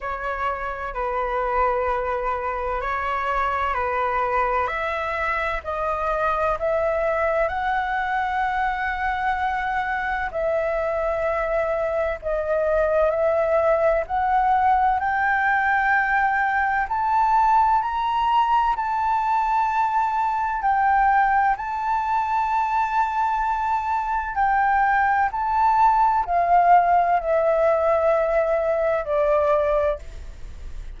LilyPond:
\new Staff \with { instrumentName = "flute" } { \time 4/4 \tempo 4 = 64 cis''4 b'2 cis''4 | b'4 e''4 dis''4 e''4 | fis''2. e''4~ | e''4 dis''4 e''4 fis''4 |
g''2 a''4 ais''4 | a''2 g''4 a''4~ | a''2 g''4 a''4 | f''4 e''2 d''4 | }